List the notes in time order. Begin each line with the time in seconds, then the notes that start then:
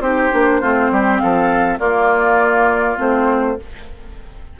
0.00 C4 D#4 G4 C5
0.32 A#3 D4
0.61 A3 C4 F4
0.91 G3 G4
1.19 F3 A4 F5
1.79 A#3 F4 D5
2.97 A3 C4 C5